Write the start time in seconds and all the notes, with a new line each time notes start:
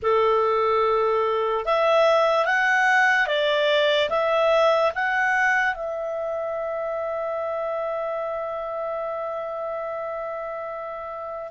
0.02 A4
1.65 E5
2.45 F#5
3.27 D5
4.09 E5
4.94 F#5
5.74 E5